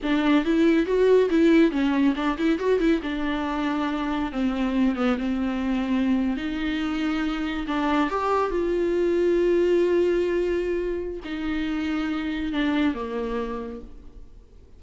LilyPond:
\new Staff \with { instrumentName = "viola" } { \time 4/4 \tempo 4 = 139 d'4 e'4 fis'4 e'4 | cis'4 d'8 e'8 fis'8 e'8 d'4~ | d'2 c'4. b8 | c'2~ c'8. dis'4~ dis'16~ |
dis'4.~ dis'16 d'4 g'4 f'16~ | f'1~ | f'2 dis'2~ | dis'4 d'4 ais2 | }